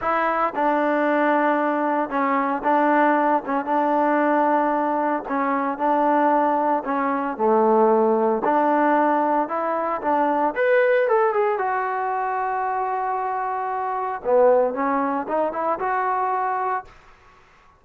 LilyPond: \new Staff \with { instrumentName = "trombone" } { \time 4/4 \tempo 4 = 114 e'4 d'2. | cis'4 d'4. cis'8 d'4~ | d'2 cis'4 d'4~ | d'4 cis'4 a2 |
d'2 e'4 d'4 | b'4 a'8 gis'8 fis'2~ | fis'2. b4 | cis'4 dis'8 e'8 fis'2 | }